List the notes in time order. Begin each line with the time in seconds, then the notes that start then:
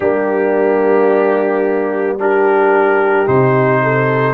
0.00 G3 A#3 D4 G4
2.19 D4 G4 A#4
3.26 C3 D#4 C5
3.82 A4